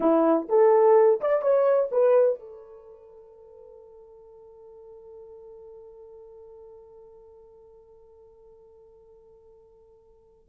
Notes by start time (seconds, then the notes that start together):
0.00 E4
0.48 A4
1.20 D5
1.42 C#5
1.91 B4
2.39 A4